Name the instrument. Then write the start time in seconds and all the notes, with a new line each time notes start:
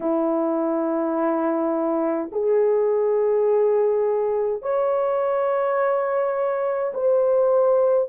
horn
0.00 E4
2.32 G#4
4.62 C#5
6.94 C5